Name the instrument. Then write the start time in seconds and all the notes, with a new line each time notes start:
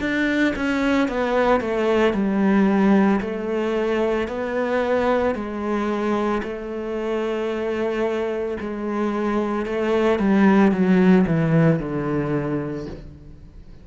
cello
0.00 D4
0.56 C#4
1.08 B3
1.61 A3
2.13 G3
3.20 A3
4.28 B3
5.35 G#3
6.43 A3
8.60 G#3
9.65 A3
10.19 G3
10.71 F#3
11.26 E3
11.79 D3